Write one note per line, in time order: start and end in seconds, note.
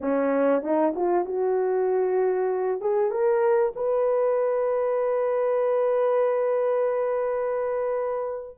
0.00 0.62 C#4
0.62 0.93 D#4
0.95 1.25 F4
1.25 2.80 F#4
2.80 3.10 G#4
3.10 3.73 A#4
3.75 8.58 B4